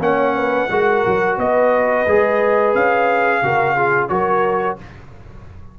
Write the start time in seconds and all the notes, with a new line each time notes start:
0.00 A#3 C#4 C#5 F#5
0.36 B4
0.70 G#3 F#4 A#4
1.07 F#3
1.38 B3 B4 D#5
2.07 G#3 G#4
2.75 C#4 F5
3.42 C#3 F#4 A#4
3.76 F4 G#4
4.09 F#3 F#4 A#4 C#5